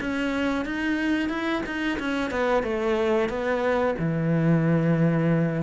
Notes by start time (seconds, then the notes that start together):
0.00 C#4
0.64 D#4
1.29 E4
1.65 D#4
1.99 C#4
2.30 B3
2.63 A3
3.29 B3
3.98 E3